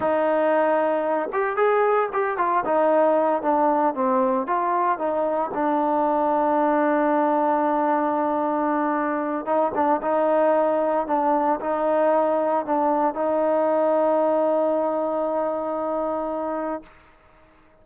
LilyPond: \new Staff \with { instrumentName = "trombone" } { \time 4/4 \tempo 4 = 114 dis'2~ dis'8 g'8 gis'4 | g'8 f'8 dis'4. d'4 c'8~ | c'8 f'4 dis'4 d'4.~ | d'1~ |
d'2 dis'8 d'8 dis'4~ | dis'4 d'4 dis'2 | d'4 dis'2.~ | dis'1 | }